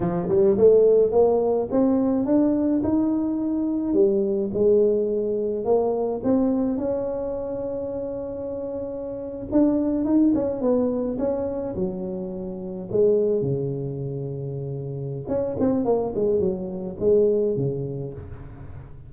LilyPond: \new Staff \with { instrumentName = "tuba" } { \time 4/4 \tempo 4 = 106 f8 g8 a4 ais4 c'4 | d'4 dis'2 g4 | gis2 ais4 c'4 | cis'1~ |
cis'8. d'4 dis'8 cis'8 b4 cis'16~ | cis'8. fis2 gis4 cis16~ | cis2. cis'8 c'8 | ais8 gis8 fis4 gis4 cis4 | }